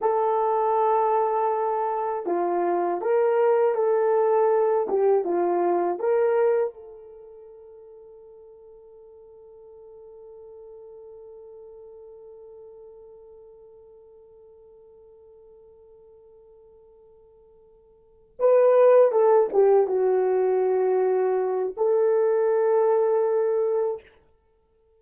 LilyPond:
\new Staff \with { instrumentName = "horn" } { \time 4/4 \tempo 4 = 80 a'2. f'4 | ais'4 a'4. g'8 f'4 | ais'4 a'2.~ | a'1~ |
a'1~ | a'1~ | a'8 b'4 a'8 g'8 fis'4.~ | fis'4 a'2. | }